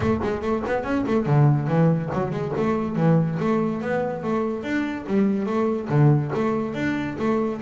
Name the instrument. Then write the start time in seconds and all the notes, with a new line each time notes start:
double bass
0.00 A3
0.22 G#3
0.41 A3
0.66 B3
0.83 C#4
1.06 A3
1.26 D3
1.67 E3
2.13 F#3
2.31 G#3
2.57 A3
2.96 E3
3.39 A3
3.81 B3
4.23 A3
4.63 D4
5.06 G3
5.46 A3
5.89 D3
6.35 A3
6.74 D4
7.18 A3